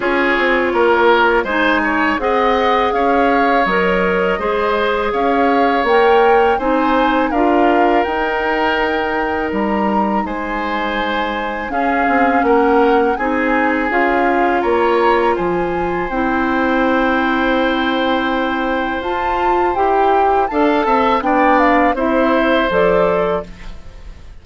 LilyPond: <<
  \new Staff \with { instrumentName = "flute" } { \time 4/4 \tempo 4 = 82 cis''2 gis''4 fis''4 | f''4 dis''2 f''4 | g''4 gis''4 f''4 g''4~ | g''4 ais''4 gis''2 |
f''4 fis''4 gis''4 f''4 | ais''4 gis''4 g''2~ | g''2 a''4 g''4 | a''4 g''8 f''8 e''4 d''4 | }
  \new Staff \with { instrumentName = "oboe" } { \time 4/4 gis'4 ais'4 c''8 cis''8 dis''4 | cis''2 c''4 cis''4~ | cis''4 c''4 ais'2~ | ais'2 c''2 |
gis'4 ais'4 gis'2 | cis''4 c''2.~ | c''1 | f''8 e''8 d''4 c''2 | }
  \new Staff \with { instrumentName = "clarinet" } { \time 4/4 f'2 dis'4 gis'4~ | gis'4 ais'4 gis'2 | ais'4 dis'4 f'4 dis'4~ | dis'1 |
cis'2 dis'4 f'4~ | f'2 e'2~ | e'2 f'4 g'4 | a'4 d'4 e'4 a'4 | }
  \new Staff \with { instrumentName = "bassoon" } { \time 4/4 cis'8 c'8 ais4 gis4 c'4 | cis'4 fis4 gis4 cis'4 | ais4 c'4 d'4 dis'4~ | dis'4 g4 gis2 |
cis'8 c'8 ais4 c'4 cis'4 | ais4 f4 c'2~ | c'2 f'4 e'4 | d'8 c'8 b4 c'4 f4 | }
>>